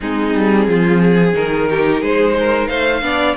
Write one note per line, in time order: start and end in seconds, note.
0.00 0.34 G#3
0.00 1.33 C4
0.00 0.68 D#4
0.00 1.35 G#4
0.35 0.67 G3
0.67 1.34 F3
0.67 1.01 F4
1.01 1.68 G#4
1.33 2.01 D#3
1.33 3.01 D#4
1.33 2.03 A#4
1.70 2.00 G4
2.00 2.69 G#3
2.00 2.34 G#4
2.00 2.67 C5
2.39 2.68 A#4
2.67 3.02 A3
2.67 3.02 C5
2.67 3.34 F5
3.01 3.35 B3
3.01 3.35 D4
3.01 3.36 D5